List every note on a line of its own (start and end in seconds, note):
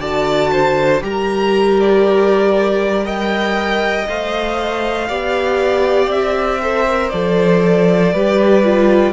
0.00 1.02 D3
0.00 1.01 F#4
0.00 0.51 D5
0.00 1.03 A5
0.52 1.03 C5
1.01 4.07 G3
1.01 3.04 G4
1.01 3.04 A#4
1.01 1.81 A#5
1.81 3.07 D5
3.04 4.06 A#4
3.04 5.08 D#5
3.04 4.08 G5
4.08 5.10 A3
4.08 5.09 C5
4.08 6.11 F5
5.09 6.07 B3
5.09 6.61 G4
5.09 6.61 D5
6.07 7.09 C4
6.07 7.10 E5
6.62 6.87 A4
6.62 8.13 C5
6.87 7.13 A#4
7.10 8.14 F3
7.10 8.15 A4
7.10 9.13 D5
8.13 9.13 G3
8.13 8.64 G4
8.13 9.13 B4
8.64 9.13 F4